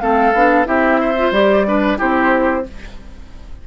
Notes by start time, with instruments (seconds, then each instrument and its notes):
0.00 bassoon A3, clarinet C4, oboe A4, flute F5
0.34 bassoon B3, clarinet D4
0.65 bassoon C4, clarinet E4, oboe G4, flute E5
1.01 oboe C5
1.18 clarinet F4
1.31 bassoon G3, clarinet G4, flute D5
1.66 clarinet D4, oboe B4
1.98 bassoon C4, clarinet E4, oboe G4, flute C5